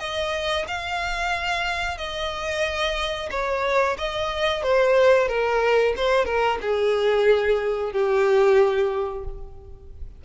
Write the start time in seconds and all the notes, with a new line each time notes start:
0.00 D#5
0.68 F5
1.98 D#5
3.31 C#5
3.98 D#5
4.63 C5
5.28 A#4
5.96 C5
6.25 A#4
6.61 G#4
7.93 G4